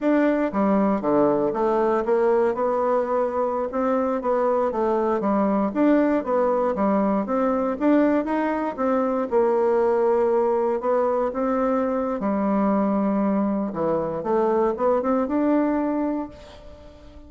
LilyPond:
\new Staff \with { instrumentName = "bassoon" } { \time 4/4 \tempo 4 = 118 d'4 g4 d4 a4 | ais4 b2~ b16 c'8.~ | c'16 b4 a4 g4 d'8.~ | d'16 b4 g4 c'4 d'8.~ |
d'16 dis'4 c'4 ais4.~ ais16~ | ais4~ ais16 b4 c'4.~ c'16 | g2. e4 | a4 b8 c'8 d'2 | }